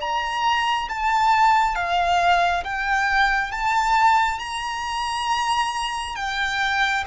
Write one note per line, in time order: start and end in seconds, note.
0.00 0.88 A#5
0.88 1.75 A5
1.75 2.63 F5
2.64 3.51 G5
3.51 4.39 A5
4.39 6.15 A#5
6.15 7.03 G5